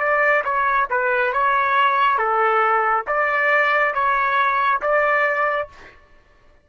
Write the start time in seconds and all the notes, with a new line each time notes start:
0.00 D5
0.45 C#5
0.90 B4
1.33 C#5
2.18 A4
3.07 D5
3.94 C#5
4.82 D5